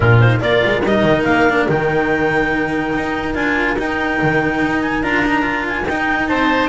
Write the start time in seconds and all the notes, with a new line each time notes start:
0.00 A#2 D4 F4 A#4
0.19 D#4 C5
0.40 A#3 F4 A#4 D5
0.65 G#3
0.82 G3 D#4 D#5
1.03 D#3
1.24 A#3 F5
1.49 D4
1.68 D#3 D#4 G5
2.95 D#4
3.34 D4 F4 G#5
3.77 D#4 G5
4.21 D#3
4.61 D#4
4.81 G#5
5.02 D4 F4 A#5
5.25 D#4
5.42 F4
5.67 G#5
5.87 D#4 G5
6.27 C4 C5 A5